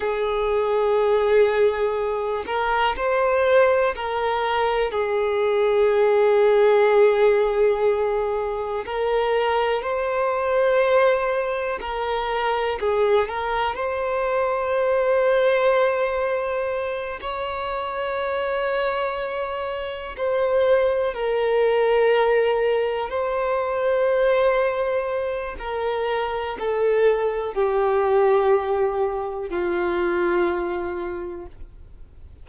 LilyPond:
\new Staff \with { instrumentName = "violin" } { \time 4/4 \tempo 4 = 61 gis'2~ gis'8 ais'8 c''4 | ais'4 gis'2.~ | gis'4 ais'4 c''2 | ais'4 gis'8 ais'8 c''2~ |
c''4. cis''2~ cis''8~ | cis''8 c''4 ais'2 c''8~ | c''2 ais'4 a'4 | g'2 f'2 | }